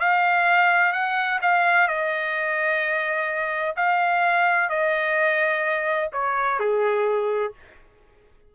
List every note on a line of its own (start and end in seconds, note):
0.00 0.93 F5
0.93 1.40 F#5
1.42 1.88 F5
1.88 3.75 D#5
3.76 4.69 F5
4.69 6.10 D#5
6.13 6.59 C#5
6.59 7.53 G#4